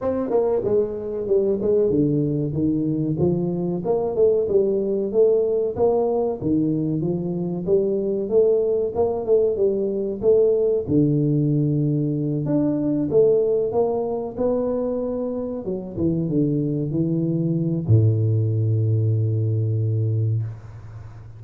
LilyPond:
\new Staff \with { instrumentName = "tuba" } { \time 4/4 \tempo 4 = 94 c'8 ais8 gis4 g8 gis8 d4 | dis4 f4 ais8 a8 g4 | a4 ais4 dis4 f4 | g4 a4 ais8 a8 g4 |
a4 d2~ d8 d'8~ | d'8 a4 ais4 b4.~ | b8 fis8 e8 d4 e4. | a,1 | }